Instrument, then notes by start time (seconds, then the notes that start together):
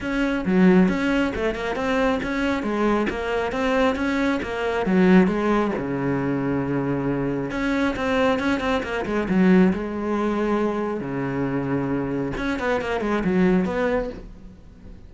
cello
0.00 C#4
0.45 F#3
0.88 C#4
1.35 A3
1.54 A#3
1.75 C4
2.22 C#4
2.62 G#3
3.09 A#3
3.52 C4
3.95 C#4
4.42 A#3
4.86 F#3
5.27 G#3
5.77 C#3
7.51 C#4
7.95 C4
8.39 C#4
8.60 C4
8.83 A#3
9.05 G#3
9.28 F#3
9.73 G#3
11.00 C#3
12.37 C#4
12.59 B3
12.81 A#3
13.00 G#3
13.24 F#3
13.65 B3